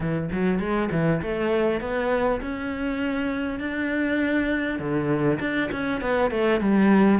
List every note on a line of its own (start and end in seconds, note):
0.00 0.29 E3
0.31 0.59 F#3
0.59 0.89 G#3
0.91 1.21 E3
1.22 1.80 A3
1.80 2.40 B3
2.41 3.59 C#4
3.59 4.79 D4
4.79 5.39 D3
5.39 5.69 D4
5.71 6.01 C#4
6.01 6.31 B3
6.31 6.60 A3
6.60 7.19 G3